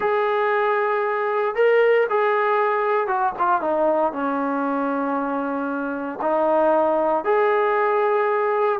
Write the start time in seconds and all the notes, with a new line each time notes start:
0.00 G#4
1.55 A#4
2.09 G#4
3.07 F#4
3.39 F4
3.61 D#4
4.12 C#4
6.21 D#4
7.24 G#4